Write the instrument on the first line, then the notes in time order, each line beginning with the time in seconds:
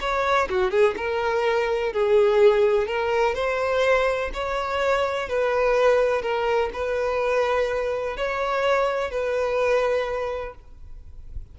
violin
0.00 C#5
0.49 F#4
0.70 G#4
0.96 A#4
1.92 G#4
2.87 A#4
3.34 C5
4.33 C#5
5.28 B4
6.22 A#4
6.73 B4
8.16 C#5
9.10 B4